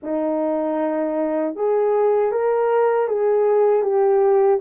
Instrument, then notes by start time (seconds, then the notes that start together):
horn
0.02 D#4
1.55 G#4
2.31 A#4
3.08 G#4
3.82 G4